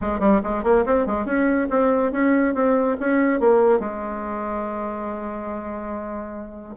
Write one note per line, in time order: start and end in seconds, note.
0.01 0.19 G#3
0.19 0.41 G3
0.43 0.63 G#3
0.63 0.84 A#3
0.85 1.06 C4
1.06 1.25 G#3
1.25 1.67 C#4
1.70 2.12 C4
2.12 2.54 C#4
2.54 2.96 C4
3.00 3.40 C#4
3.40 3.79 A#3
3.79 6.75 G#3